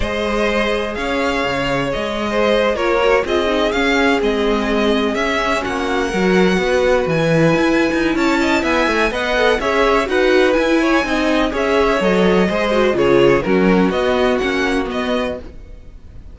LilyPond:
<<
  \new Staff \with { instrumentName = "violin" } { \time 4/4 \tempo 4 = 125 dis''2 f''2 | dis''4.~ dis''16 cis''4 dis''4 f''16~ | f''8. dis''2 e''4 fis''16~ | fis''2~ fis''8. gis''4~ gis''16~ |
gis''4 a''4 gis''4 fis''4 | e''4 fis''4 gis''2 | e''4 dis''2 cis''4 | ais'4 dis''4 fis''4 dis''4 | }
  \new Staff \with { instrumentName = "violin" } { \time 4/4 c''2 cis''2~ | cis''8. c''4 ais'4 gis'4~ gis'16~ | gis'2.~ gis'8. fis'16~ | fis'8. ais'4 b'2~ b'16~ |
b'4 cis''8 dis''8 e''4 dis''4 | cis''4 b'4. cis''8 dis''4 | cis''2 c''4 gis'4 | fis'1 | }
  \new Staff \with { instrumentName = "viola" } { \time 4/4 gis'1~ | gis'4.~ gis'16 f'8 fis'8 f'8 dis'8 cis'16~ | cis'8. c'2 cis'4~ cis'16~ | cis'8. fis'2~ fis'16 e'4~ |
e'2. b'8 a'8 | gis'4 fis'4 e'4 dis'4 | gis'4 a'4 gis'8 fis'8 f'4 | cis'4 b4 cis'4 b4 | }
  \new Staff \with { instrumentName = "cello" } { \time 4/4 gis2 cis'4 cis4 | gis4.~ gis16 ais4 c'4 cis'16~ | cis'8. gis2 cis'4 ais16~ | ais8. fis4 b4 e4 e'16~ |
e'8 dis'8 cis'4 b8 a8 b4 | cis'4 dis'4 e'4 c'4 | cis'4 fis4 gis4 cis4 | fis4 b4 ais4 b4 | }
>>